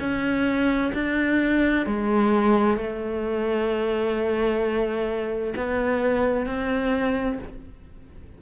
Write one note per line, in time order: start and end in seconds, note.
0.00 0.92 C#4
0.94 1.87 D4
1.87 2.77 G#3
2.77 5.54 A3
5.57 6.47 B3
6.47 7.39 C4